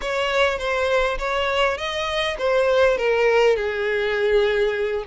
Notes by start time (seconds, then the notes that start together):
0.01 C#5
0.58 C5
1.18 C#5
1.77 D#5
2.38 C5
2.97 A#4
3.56 G#4